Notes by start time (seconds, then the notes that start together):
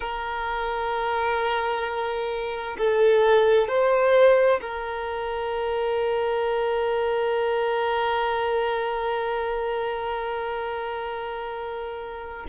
0.00 A#4
2.77 A4
3.68 C5
4.61 A#4